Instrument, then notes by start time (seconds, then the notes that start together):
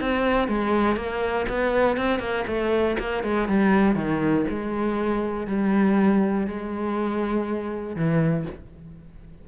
cello
0.00 C4
0.48 G#3
0.96 A#3
1.49 B3
1.97 C4
2.20 A#3
2.47 A3
2.99 A#3
3.24 G#3
3.48 G3
3.95 D#3
4.50 G#3
5.47 G3
6.47 G#3
7.96 E3